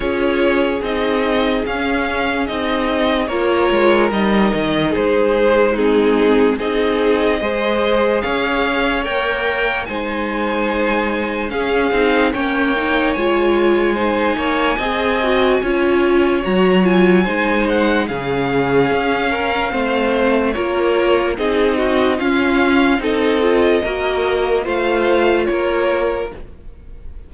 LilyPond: <<
  \new Staff \with { instrumentName = "violin" } { \time 4/4 \tempo 4 = 73 cis''4 dis''4 f''4 dis''4 | cis''4 dis''4 c''4 gis'4 | dis''2 f''4 g''4 | gis''2 f''4 g''4 |
gis''1 | ais''8 gis''4 fis''8 f''2~ | f''4 cis''4 dis''4 f''4 | dis''2 f''4 cis''4 | }
  \new Staff \with { instrumentName = "violin" } { \time 4/4 gis'1 | ais'2 gis'4 dis'4 | gis'4 c''4 cis''2 | c''2 gis'4 cis''4~ |
cis''4 c''8 cis''8 dis''4 cis''4~ | cis''4 c''4 gis'4. ais'8 | c''4 ais'4 gis'8 fis'8 f'4 | a'4 ais'4 c''4 ais'4 | }
  \new Staff \with { instrumentName = "viola" } { \time 4/4 f'4 dis'4 cis'4 dis'4 | f'4 dis'2 c'4 | dis'4 gis'2 ais'4 | dis'2 cis'8 dis'8 cis'8 dis'8 |
f'4 dis'4 gis'8 fis'8 f'4 | fis'8 f'8 dis'4 cis'2 | c'4 f'4 dis'4 cis'4 | dis'8 f'8 fis'4 f'2 | }
  \new Staff \with { instrumentName = "cello" } { \time 4/4 cis'4 c'4 cis'4 c'4 | ais8 gis8 g8 dis8 gis2 | c'4 gis4 cis'4 ais4 | gis2 cis'8 c'8 ais4 |
gis4. ais8 c'4 cis'4 | fis4 gis4 cis4 cis'4 | a4 ais4 c'4 cis'4 | c'4 ais4 a4 ais4 | }
>>